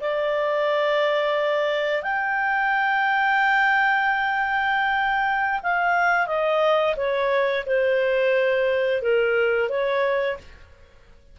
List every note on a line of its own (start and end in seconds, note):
0.00 2.03 D5
2.03 5.61 G5
5.62 6.27 F5
6.27 6.95 D#5
6.96 7.64 C#5
7.65 9.02 C5
9.02 9.69 A#4
9.69 10.37 C#5